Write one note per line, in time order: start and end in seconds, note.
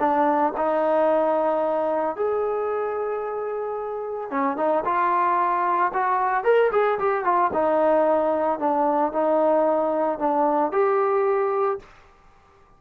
0.00 0.54 D4
0.57 2.16 D#4
2.16 4.31 G#4
4.31 4.57 C#4
4.57 4.84 D#4
4.85 5.92 F4
5.94 6.45 F#4
6.45 6.71 A#4
6.72 6.99 G#4
6.99 7.24 G4
7.24 7.51 F4
7.53 8.60 D#4
8.60 9.13 D4
9.13 10.19 D#4
10.19 10.72 D4
10.72 11.80 G4